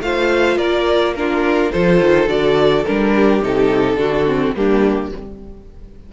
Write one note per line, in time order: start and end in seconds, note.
0.00 0.57 A3
0.00 1.16 F4
0.00 0.57 C5
0.00 0.57 F5
0.57 1.70 A#3
0.57 1.14 A#4
0.57 1.14 D5
1.15 1.73 D4
1.15 1.72 F4
1.15 1.71 A#4
1.71 2.00 F3
1.71 2.27 F4
1.71 3.13 A4
1.71 2.28 C5
2.00 2.28 D#3
2.27 2.84 D3
2.27 2.83 F#4
2.27 2.84 D5
2.84 3.40 G3
2.84 3.43 D4
2.84 3.41 A#4
3.15 3.99 G4
3.40 3.95 C3
3.40 3.96 D#4
3.40 4.55 A4
3.95 4.51 D3
3.95 4.24 D4
3.95 4.55 F#4
4.27 4.55 C4
4.55 5.12 G3
4.55 5.12 A#3
4.55 5.13 D4
4.55 5.11 G4